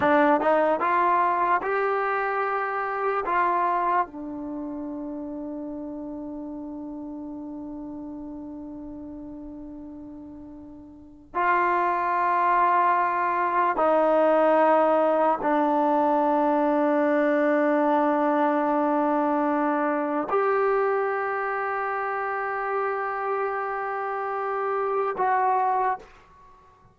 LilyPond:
\new Staff \with { instrumentName = "trombone" } { \time 4/4 \tempo 4 = 74 d'8 dis'8 f'4 g'2 | f'4 d'2.~ | d'1~ | d'2 f'2~ |
f'4 dis'2 d'4~ | d'1~ | d'4 g'2.~ | g'2. fis'4 | }